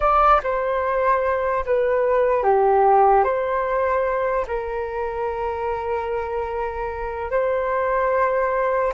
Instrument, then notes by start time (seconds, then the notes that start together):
flute
0.00 D5
0.43 C5
1.65 B4
2.43 G4
3.24 C5
4.47 A#4
7.30 C5